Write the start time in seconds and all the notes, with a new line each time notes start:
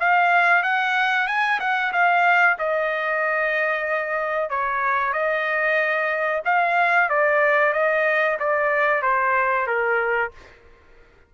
0.00 F5
0.63 F#5
1.28 G#5
1.60 F#5
1.93 F5
2.59 D#5
4.50 C#5
5.13 D#5
6.45 F5
7.10 D5
7.74 D#5
8.40 D5
9.03 C5
9.67 A#4